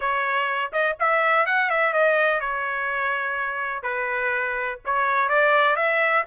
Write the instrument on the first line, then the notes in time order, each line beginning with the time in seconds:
trumpet
0.00 C#5
0.72 D#5
0.99 E5
1.46 F#5
1.69 E5
1.93 D#5
2.40 C#5
3.82 B4
4.85 C#5
5.28 D5
5.76 E5